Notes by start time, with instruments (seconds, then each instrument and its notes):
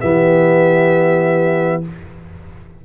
0.00 tuba E3, trombone B3, horn G4, trumpet E5